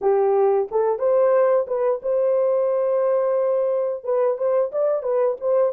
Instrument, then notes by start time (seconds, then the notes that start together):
horn
0.01 G4
0.71 A4
0.98 C5
1.67 B4
2.02 C5
4.04 B4
4.37 C5
4.72 D5
5.03 B4
5.40 C5